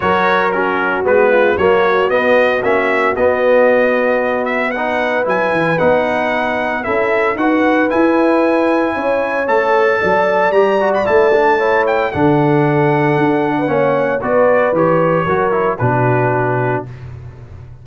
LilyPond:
<<
  \new Staff \with { instrumentName = "trumpet" } { \time 4/4 \tempo 4 = 114 cis''4 ais'4 b'4 cis''4 | dis''4 e''4 dis''2~ | dis''8 e''8 fis''4 gis''4 fis''4~ | fis''4 e''4 fis''4 gis''4~ |
gis''2 a''2 | ais''8. b''16 a''4. g''8 fis''4~ | fis''2. d''4 | cis''2 b'2 | }
  \new Staff \with { instrumentName = "horn" } { \time 4/4 ais'4 fis'4. f'8 fis'4~ | fis'1~ | fis'4 b'2.~ | b'4 a'4 b'2~ |
b'4 cis''2 d''4~ | d''2 cis''4 a'4~ | a'4.~ a'16 b'16 cis''4 b'4~ | b'4 ais'4 fis'2 | }
  \new Staff \with { instrumentName = "trombone" } { \time 4/4 fis'4 cis'4 b4 ais4 | b4 cis'4 b2~ | b4 dis'4 e'4 dis'4~ | dis'4 e'4 fis'4 e'4~ |
e'2 a'2 | g'8 fis'8 e'8 d'8 e'4 d'4~ | d'2 cis'4 fis'4 | g'4 fis'8 e'8 d'2 | }
  \new Staff \with { instrumentName = "tuba" } { \time 4/4 fis2 gis4 fis4 | b4 ais4 b2~ | b2 fis8 e8 b4~ | b4 cis'4 dis'4 e'4~ |
e'4 cis'4 a4 fis4 | g4 a2 d4~ | d4 d'4 ais4 b4 | e4 fis4 b,2 | }
>>